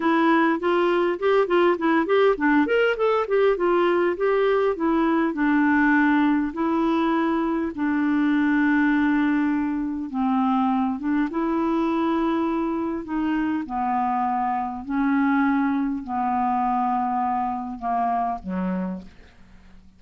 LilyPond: \new Staff \with { instrumentName = "clarinet" } { \time 4/4 \tempo 4 = 101 e'4 f'4 g'8 f'8 e'8 g'8 | d'8 ais'8 a'8 g'8 f'4 g'4 | e'4 d'2 e'4~ | e'4 d'2.~ |
d'4 c'4. d'8 e'4~ | e'2 dis'4 b4~ | b4 cis'2 b4~ | b2 ais4 fis4 | }